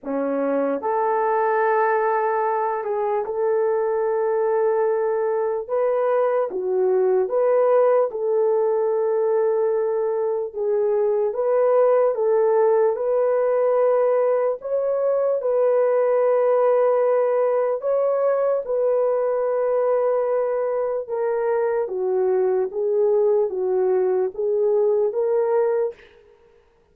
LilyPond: \new Staff \with { instrumentName = "horn" } { \time 4/4 \tempo 4 = 74 cis'4 a'2~ a'8 gis'8 | a'2. b'4 | fis'4 b'4 a'2~ | a'4 gis'4 b'4 a'4 |
b'2 cis''4 b'4~ | b'2 cis''4 b'4~ | b'2 ais'4 fis'4 | gis'4 fis'4 gis'4 ais'4 | }